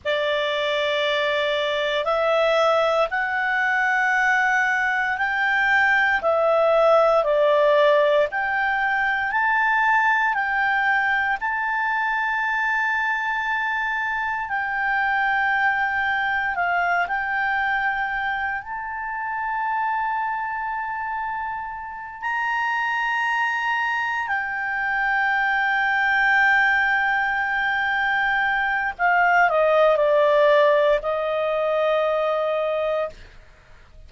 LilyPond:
\new Staff \with { instrumentName = "clarinet" } { \time 4/4 \tempo 4 = 58 d''2 e''4 fis''4~ | fis''4 g''4 e''4 d''4 | g''4 a''4 g''4 a''4~ | a''2 g''2 |
f''8 g''4. a''2~ | a''4. ais''2 g''8~ | g''1 | f''8 dis''8 d''4 dis''2 | }